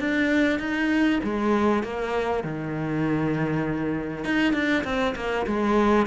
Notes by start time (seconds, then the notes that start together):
0.00 D4
0.60 D#4
1.24 G#3
1.83 A#3
2.44 D#3
4.25 D#4
4.54 D4
4.84 C4
5.16 A#3
5.47 G#3